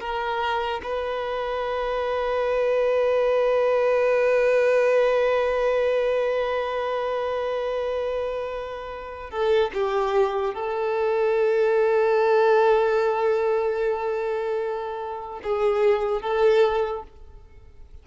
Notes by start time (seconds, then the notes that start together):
0.00 A#4
0.84 B4
9.31 A4
9.73 G4
10.54 A4
15.43 G#4
16.22 A4